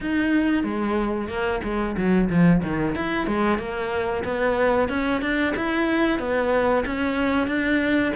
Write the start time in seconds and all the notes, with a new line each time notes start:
0.00 D#4
0.63 G#3
1.28 A#3
1.63 G#3
1.96 F#3
2.29 F3
2.62 D#3
2.95 E4
3.26 G#3
3.58 A#3
4.24 B3
4.89 C#4
5.21 D4
5.56 E4
6.19 B3
6.85 C#4
7.47 D4